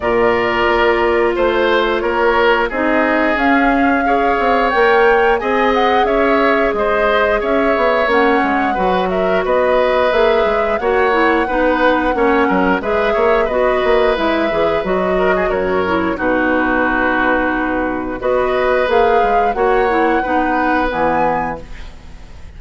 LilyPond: <<
  \new Staff \with { instrumentName = "flute" } { \time 4/4 \tempo 4 = 89 d''2 c''4 cis''4 | dis''4 f''2 g''4 | gis''8 fis''8 e''4 dis''4 e''4 | fis''4. e''8 dis''4 e''4 |
fis''2. e''4 | dis''4 e''4 dis''4 cis''4 | b'2. dis''4 | f''4 fis''2 gis''4 | }
  \new Staff \with { instrumentName = "oboe" } { \time 4/4 ais'2 c''4 ais'4 | gis'2 cis''2 | dis''4 cis''4 c''4 cis''4~ | cis''4 b'8 ais'8 b'2 |
cis''4 b'4 cis''8 ais'8 b'8 cis''8 | b'2~ b'8 ais'16 gis'16 ais'4 | fis'2. b'4~ | b'4 cis''4 b'2 | }
  \new Staff \with { instrumentName = "clarinet" } { \time 4/4 f'1 | dis'4 cis'4 gis'4 ais'4 | gis'1 | cis'4 fis'2 gis'4 |
fis'8 e'8 dis'4 cis'4 gis'4 | fis'4 e'8 gis'8 fis'4. e'8 | dis'2. fis'4 | gis'4 fis'8 e'8 dis'4 b4 | }
  \new Staff \with { instrumentName = "bassoon" } { \time 4/4 ais,4 ais4 a4 ais4 | c'4 cis'4. c'8 ais4 | c'4 cis'4 gis4 cis'8 b8 | ais8 gis8 fis4 b4 ais8 gis8 |
ais4 b4 ais8 fis8 gis8 ais8 | b8 ais8 gis8 e8 fis4 fis,4 | b,2. b4 | ais8 gis8 ais4 b4 e4 | }
>>